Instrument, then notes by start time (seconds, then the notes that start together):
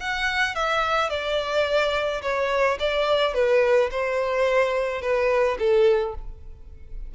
violin
0.00 F#5
0.55 E5
1.09 D5
2.22 C#5
2.80 D5
3.34 B4
3.91 C5
5.02 B4
5.59 A4